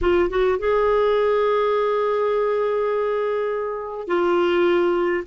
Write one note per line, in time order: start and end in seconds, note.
0.01 0.29 F4
0.29 0.58 F#4
0.58 4.07 G#4
4.07 5.24 F4